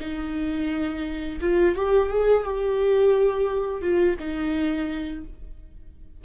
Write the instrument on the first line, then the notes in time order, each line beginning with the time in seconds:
viola
0.00 D#4
1.41 F4
1.76 G4
2.09 G#4
2.44 G4
3.82 F4
4.19 D#4